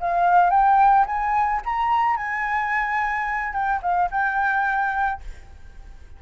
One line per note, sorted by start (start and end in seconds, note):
0.00 0.50 F5
0.50 1.05 G5
1.06 1.61 G#5
1.65 2.16 A#5
2.16 3.53 G#5
3.53 3.80 G5
3.82 4.10 F5
4.11 5.21 G5